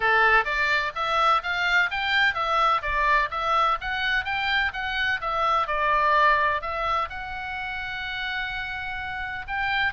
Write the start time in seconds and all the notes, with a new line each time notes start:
0.00 A4
0.45 D5
0.95 E5
1.42 F5
1.90 G5
2.34 E5
2.82 D5
3.30 E5
3.80 F#5
4.24 G5
4.73 F#5
5.20 E5
5.67 D5
6.61 E5
7.09 F#5
9.47 G5